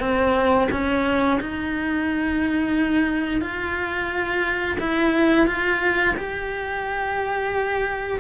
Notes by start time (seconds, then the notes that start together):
0.00 C4
0.72 C#4
1.41 D#4
3.42 F4
4.80 E4
5.47 F4
6.17 G4